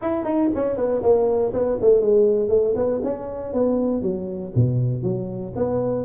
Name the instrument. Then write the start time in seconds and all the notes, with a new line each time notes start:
tuba
0.01 E4
0.24 D#4
0.55 C#4
0.76 B3
1.02 A#3
1.53 B3
1.81 A3
2.01 G#3
2.48 A3
2.75 B3
3.03 C#4
3.53 B3
4.02 F#3
4.55 B2
5.02 F#3
5.55 B3